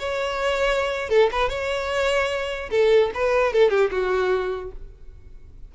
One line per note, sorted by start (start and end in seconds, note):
0.00 1.10 C#5
1.10 1.30 A4
1.32 1.49 B4
1.49 2.70 C#5
2.71 3.11 A4
3.14 3.54 B4
3.54 3.71 A4
3.71 3.91 G4
3.91 4.72 F#4